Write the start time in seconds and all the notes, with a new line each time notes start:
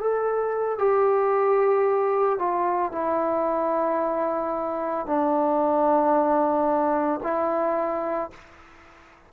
0.00 A4
0.78 G4
2.39 F4
2.92 E4
5.06 D4
7.23 E4